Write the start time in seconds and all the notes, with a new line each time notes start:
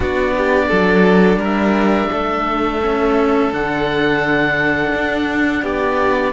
0.00 B3 D4 F#4 D5
0.37 G4
0.68 F#3 A4
1.36 G3 A#4
1.44 E5
2.11 A3 A4
2.83 C#4
3.52 D3 D4 F#5
4.94 D4
5.62 B3 G4 D5